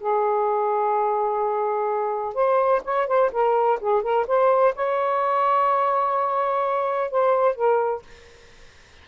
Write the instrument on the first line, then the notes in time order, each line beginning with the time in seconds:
saxophone
0.00 G#4
2.34 C5
2.84 C#5
3.07 C5
3.32 A#4
3.80 G#4
4.02 A#4
4.27 C5
4.75 C#5
7.11 C5
7.55 A#4